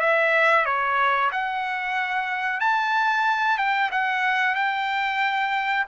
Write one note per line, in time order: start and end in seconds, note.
0.00 0.65 E5
0.66 1.31 C#5
1.32 2.60 F#5
2.60 3.58 A5
3.58 3.90 G5
3.91 4.55 F#5
4.55 5.85 G5